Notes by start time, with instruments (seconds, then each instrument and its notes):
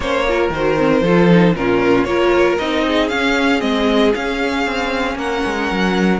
0.00 cello A#3, viola C#4, violin C5 C#5
0.27 viola F4, violin A#4
0.49 cello D#3, viola F#4, violin C5
0.77 viola C4
1.01 cello F3, viola F4, violin A4
1.29 viola D#4
1.55 cello A#2, viola C#4, violin F4 A#4
2.04 cello A#3, viola F4, violin A#4 C#5
2.58 cello C4, viola D#4, violin D#5
2.86 violin G#4
3.08 viola C#4, cello C#4, violin F5
3.59 cello G#3, viola C4, violin D#5
4.14 viola C#4, cello C#4, violin F5
4.66 cello C4
5.15 cello A#3, violin A#4 F#5
5.45 cello G#3
5.71 cello F#3